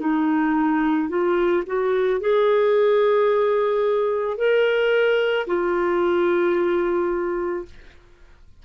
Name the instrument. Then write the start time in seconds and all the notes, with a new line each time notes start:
clarinet
0.00 D#4
1.09 F4
1.66 F#4
2.20 G#4
4.37 A#4
5.47 F4